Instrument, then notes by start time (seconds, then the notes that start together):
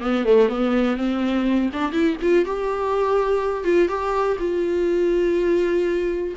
viola
0.00 B3
0.24 A3
0.48 B3
0.96 C4
1.73 D4
1.92 E4
2.21 F4
2.45 G4
3.64 F4
3.88 G4
4.39 F4